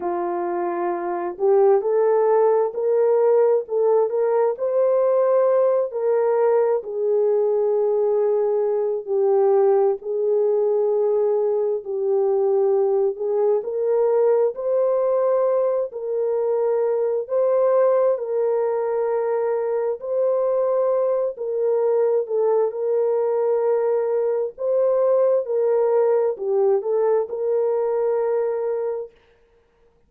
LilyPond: \new Staff \with { instrumentName = "horn" } { \time 4/4 \tempo 4 = 66 f'4. g'8 a'4 ais'4 | a'8 ais'8 c''4. ais'4 gis'8~ | gis'2 g'4 gis'4~ | gis'4 g'4. gis'8 ais'4 |
c''4. ais'4. c''4 | ais'2 c''4. ais'8~ | ais'8 a'8 ais'2 c''4 | ais'4 g'8 a'8 ais'2 | }